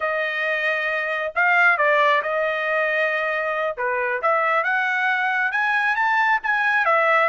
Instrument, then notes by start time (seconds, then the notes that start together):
trumpet
0.00 D#5
1.35 F5
1.77 D5
2.22 D#5
3.77 B4
4.21 E5
4.63 F#5
5.51 G#5
5.95 A5
6.43 G#5
6.85 E5